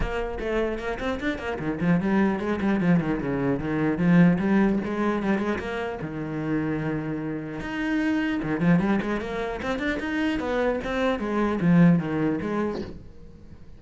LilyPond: \new Staff \with { instrumentName = "cello" } { \time 4/4 \tempo 4 = 150 ais4 a4 ais8 c'8 d'8 ais8 | dis8 f8 g4 gis8 g8 f8 dis8 | cis4 dis4 f4 g4 | gis4 g8 gis8 ais4 dis4~ |
dis2. dis'4~ | dis'4 dis8 f8 g8 gis8 ais4 | c'8 d'8 dis'4 b4 c'4 | gis4 f4 dis4 gis4 | }